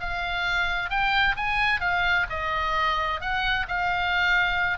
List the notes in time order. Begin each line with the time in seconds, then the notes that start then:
0.00 F5
0.90 G5
1.36 G#5
1.81 F5
2.30 D#5
3.21 F#5
3.68 F5